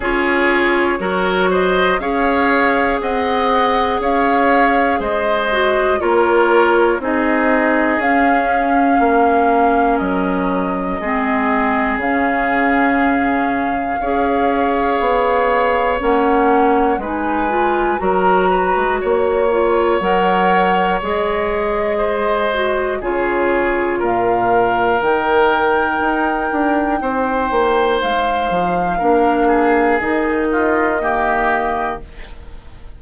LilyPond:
<<
  \new Staff \with { instrumentName = "flute" } { \time 4/4 \tempo 4 = 60 cis''4. dis''8 f''4 fis''4 | f''4 dis''4 cis''4 dis''4 | f''2 dis''2 | f''1 |
fis''4 gis''4 ais''4 cis''4 | fis''4 dis''2 cis''4 | f''4 g''2. | f''2 dis''2 | }
  \new Staff \with { instrumentName = "oboe" } { \time 4/4 gis'4 ais'8 c''8 cis''4 dis''4 | cis''4 c''4 ais'4 gis'4~ | gis'4 ais'2 gis'4~ | gis'2 cis''2~ |
cis''4 b'4 ais'8 b'8 cis''4~ | cis''2 c''4 gis'4 | ais'2. c''4~ | c''4 ais'8 gis'4 f'8 g'4 | }
  \new Staff \with { instrumentName = "clarinet" } { \time 4/4 f'4 fis'4 gis'2~ | gis'4. fis'8 f'4 dis'4 | cis'2. c'4 | cis'2 gis'2 |
cis'4 dis'8 f'8 fis'4. f'8 | ais'4 gis'4. fis'8 f'4~ | f'4 dis'2.~ | dis'4 d'4 dis'4 ais4 | }
  \new Staff \with { instrumentName = "bassoon" } { \time 4/4 cis'4 fis4 cis'4 c'4 | cis'4 gis4 ais4 c'4 | cis'4 ais4 fis4 gis4 | cis2 cis'4 b4 |
ais4 gis4 fis8. gis16 ais4 | fis4 gis2 cis4 | ais,4 dis4 dis'8 d'8 c'8 ais8 | gis8 f8 ais4 dis2 | }
>>